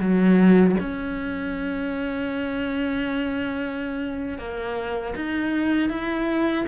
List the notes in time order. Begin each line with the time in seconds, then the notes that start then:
0.00 F#3
0.80 C#4
4.39 A#3
5.16 D#4
5.90 E4